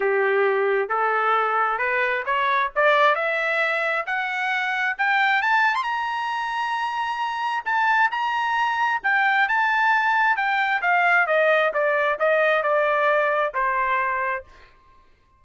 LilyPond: \new Staff \with { instrumentName = "trumpet" } { \time 4/4 \tempo 4 = 133 g'2 a'2 | b'4 cis''4 d''4 e''4~ | e''4 fis''2 g''4 | a''8. c'''16 ais''2.~ |
ais''4 a''4 ais''2 | g''4 a''2 g''4 | f''4 dis''4 d''4 dis''4 | d''2 c''2 | }